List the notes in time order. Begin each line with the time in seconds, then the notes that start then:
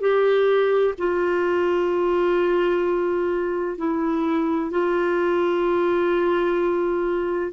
0.00 G4
0.98 F4
3.78 E4
4.71 F4